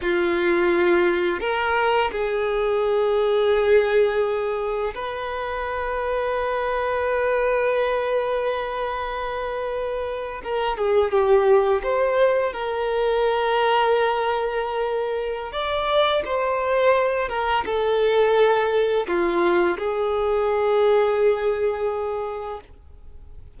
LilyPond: \new Staff \with { instrumentName = "violin" } { \time 4/4 \tempo 4 = 85 f'2 ais'4 gis'4~ | gis'2. b'4~ | b'1~ | b'2~ b'8. ais'8 gis'8 g'16~ |
g'8. c''4 ais'2~ ais'16~ | ais'2 d''4 c''4~ | c''8 ais'8 a'2 f'4 | gis'1 | }